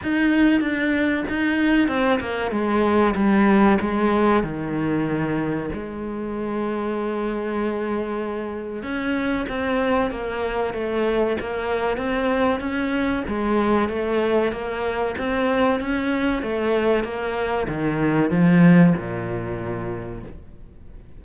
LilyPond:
\new Staff \with { instrumentName = "cello" } { \time 4/4 \tempo 4 = 95 dis'4 d'4 dis'4 c'8 ais8 | gis4 g4 gis4 dis4~ | dis4 gis2.~ | gis2 cis'4 c'4 |
ais4 a4 ais4 c'4 | cis'4 gis4 a4 ais4 | c'4 cis'4 a4 ais4 | dis4 f4 ais,2 | }